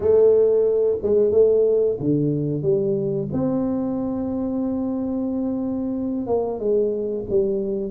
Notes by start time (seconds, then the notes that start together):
0.00 A3
1.02 G#3
1.31 A3
1.99 D3
2.62 G3
3.33 C4
6.26 A#3
6.59 G#3
7.29 G3